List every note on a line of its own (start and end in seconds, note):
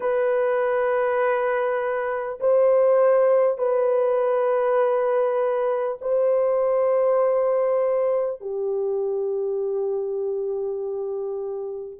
0.00 2.39 B4
2.39 3.57 C5
3.57 5.97 B4
6.01 8.41 C5
8.41 11.99 G4